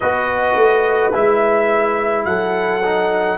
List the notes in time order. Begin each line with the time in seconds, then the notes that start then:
0.00 B3 F#4 B4 D#5
0.55 A3
1.12 G#3 E4 E5
2.24 F#3 A4 F#5
2.83 D#4